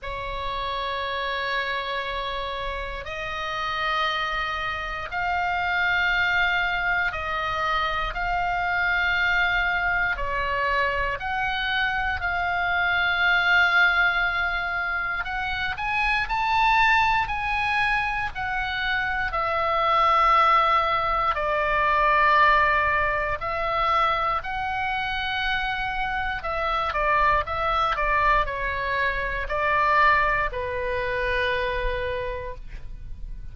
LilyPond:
\new Staff \with { instrumentName = "oboe" } { \time 4/4 \tempo 4 = 59 cis''2. dis''4~ | dis''4 f''2 dis''4 | f''2 cis''4 fis''4 | f''2. fis''8 gis''8 |
a''4 gis''4 fis''4 e''4~ | e''4 d''2 e''4 | fis''2 e''8 d''8 e''8 d''8 | cis''4 d''4 b'2 | }